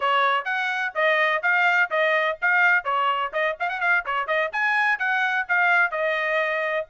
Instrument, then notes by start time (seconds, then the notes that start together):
trumpet
0.00 C#5
0.44 F#5
0.94 D#5
1.42 F5
1.90 D#5
2.41 F5
2.84 C#5
3.32 D#5
3.59 F5
3.69 F#5
3.80 F5
4.05 C#5
4.27 D#5
4.52 G#5
4.98 F#5
5.48 F5
5.91 D#5